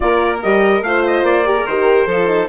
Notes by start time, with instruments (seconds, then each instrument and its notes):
0.00 bassoon A#3, horn F4, violin A#4, trumpet D5
0.42 bassoon G3, horn G4, trumpet D#5
0.81 bassoon A3, horn F4, violin C5, trumpet F5
1.06 trumpet D#5
1.22 bassoon A#3, trumpet D5
1.45 horn G4, violin A#4
1.55 horn G#4
1.66 bassoon D#3, horn G4, trumpet C5
2.06 bassoon F3, horn F4, violin A4
2.26 horn D#4